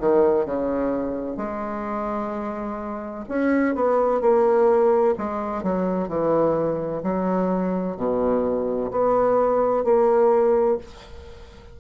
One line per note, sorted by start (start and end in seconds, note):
0.00 0.46 D#3
0.46 1.37 C#3
1.37 3.25 G#3
3.29 3.75 C#4
3.75 4.21 B3
4.21 5.15 A#3
5.18 5.63 G#3
5.63 6.09 F#3
6.09 7.02 E3
7.04 7.97 F#3
7.97 8.91 B2
8.91 9.84 B3
9.84 10.78 A#3